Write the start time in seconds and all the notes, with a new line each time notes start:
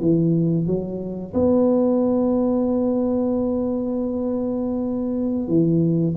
0.00 E3
0.66 F#3
1.34 B3
5.48 E3